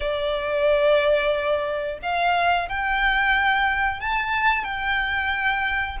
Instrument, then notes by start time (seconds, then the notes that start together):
violin
0.00 D5
2.02 F5
2.68 G5
4.00 A5
4.64 G5